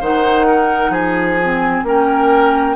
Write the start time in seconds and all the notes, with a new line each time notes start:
0.00 D#3 D#4 C5 F#5
0.47 A#4
0.89 F3 G#4 G#5
1.42 C4
1.83 A#3 C#4 A#4 G5